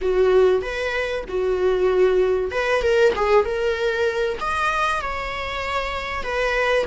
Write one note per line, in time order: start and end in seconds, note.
0.01 0.62 F#4
0.62 1.24 B4
1.28 2.51 F#4
2.51 2.82 B4
2.82 3.13 A#4
3.15 3.44 G#4
3.44 4.38 A#4
4.40 5.01 D#5
5.01 6.23 C#5
6.23 6.85 B4